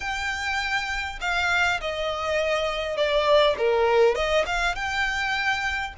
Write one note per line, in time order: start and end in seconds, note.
0.00 1.19 G5
1.20 1.80 F5
1.80 2.96 D#5
2.96 3.56 D5
3.58 4.14 A#4
4.14 4.44 D#5
4.46 4.75 F5
4.75 5.94 G5